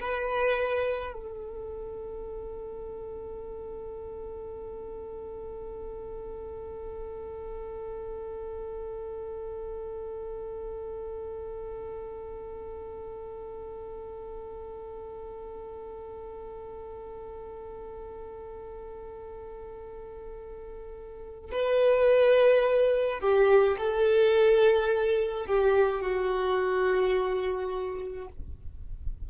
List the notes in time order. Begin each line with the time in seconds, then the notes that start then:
0.00 B4
1.13 A4
21.51 B4
23.20 G4
23.77 A4
25.46 G4
26.01 F#4